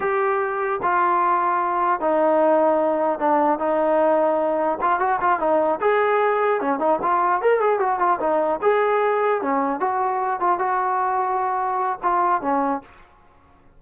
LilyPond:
\new Staff \with { instrumentName = "trombone" } { \time 4/4 \tempo 4 = 150 g'2 f'2~ | f'4 dis'2. | d'4 dis'2. | f'8 fis'8 f'8 dis'4 gis'4.~ |
gis'8 cis'8 dis'8 f'4 ais'8 gis'8 fis'8 | f'8 dis'4 gis'2 cis'8~ | cis'8 fis'4. f'8 fis'4.~ | fis'2 f'4 cis'4 | }